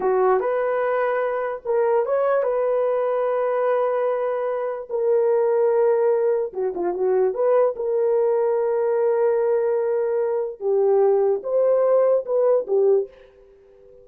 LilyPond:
\new Staff \with { instrumentName = "horn" } { \time 4/4 \tempo 4 = 147 fis'4 b'2. | ais'4 cis''4 b'2~ | b'1 | ais'1 |
fis'8 f'8 fis'4 b'4 ais'4~ | ais'1~ | ais'2 g'2 | c''2 b'4 g'4 | }